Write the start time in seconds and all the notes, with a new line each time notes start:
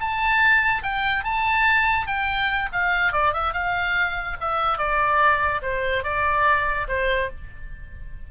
0.00 A5
0.83 G5
1.24 A5
2.07 G5
2.72 F5
3.12 D5
3.33 E5
3.53 F5
4.40 E5
4.78 D5
5.62 C5
6.04 D5
6.88 C5